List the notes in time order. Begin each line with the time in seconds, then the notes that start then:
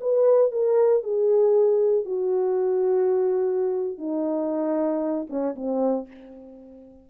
0.00 B4
0.51 A#4
1.03 G#4
2.05 F#4
3.98 D#4
5.29 C#4
5.55 C4